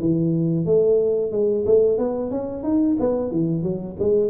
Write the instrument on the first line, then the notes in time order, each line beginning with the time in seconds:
tuba
0.00 E3
0.65 A3
1.32 G#3
1.66 A3
1.98 B3
2.31 C#4
2.63 D#4
2.99 B3
3.31 E3
3.63 F#3
3.99 G#3